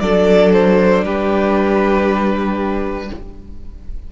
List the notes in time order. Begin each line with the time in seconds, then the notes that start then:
0.00 F#3 D4 A4 D5
0.53 C5
1.03 G3 G4 B4